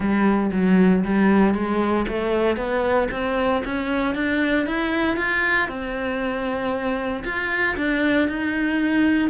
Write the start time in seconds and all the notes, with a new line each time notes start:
0.00 G3
0.52 F#3
1.04 G3
1.54 G#3
2.08 A3
2.56 B3
3.11 C4
3.64 C#4
4.14 D4
4.66 E4
5.16 F4
5.68 C4
7.24 F4
7.76 D4
8.28 D#4